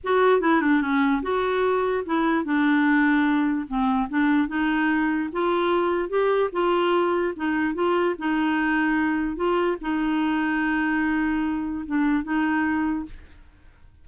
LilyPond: \new Staff \with { instrumentName = "clarinet" } { \time 4/4 \tempo 4 = 147 fis'4 e'8 d'8 cis'4 fis'4~ | fis'4 e'4 d'2~ | d'4 c'4 d'4 dis'4~ | dis'4 f'2 g'4 |
f'2 dis'4 f'4 | dis'2. f'4 | dis'1~ | dis'4 d'4 dis'2 | }